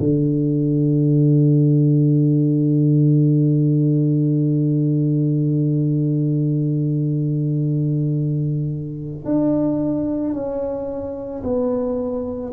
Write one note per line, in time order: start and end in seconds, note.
0.00 9.25 D3
9.25 10.34 D4
10.34 11.43 C#4
11.44 12.53 B3